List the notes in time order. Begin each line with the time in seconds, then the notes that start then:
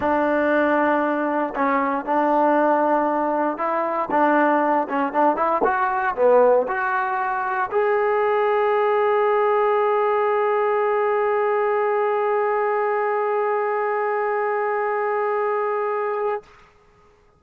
0.00 D4
1.55 C#4
2.05 D4
3.57 E4
4.10 D4
4.88 C#4
5.13 D4
5.36 E4
5.63 F#4
6.15 B3
6.67 F#4
7.71 G#4